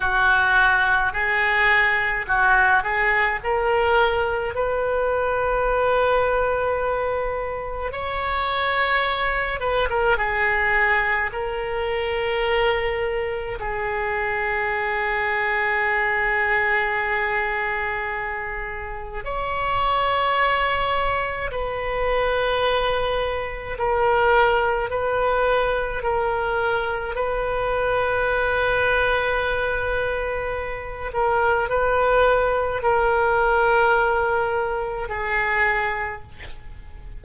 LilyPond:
\new Staff \with { instrumentName = "oboe" } { \time 4/4 \tempo 4 = 53 fis'4 gis'4 fis'8 gis'8 ais'4 | b'2. cis''4~ | cis''8 b'16 ais'16 gis'4 ais'2 | gis'1~ |
gis'4 cis''2 b'4~ | b'4 ais'4 b'4 ais'4 | b'2.~ b'8 ais'8 | b'4 ais'2 gis'4 | }